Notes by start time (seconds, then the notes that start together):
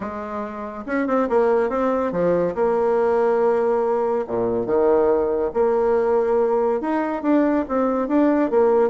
0.00 G#3
0.86 C#4
1.07 C4
1.29 A#3
1.69 C4
2.12 F3
2.54 A#3
4.27 A#2
4.66 D#3
5.53 A#3
6.80 D#4
7.22 D4
7.68 C4
8.08 D4
8.50 A#3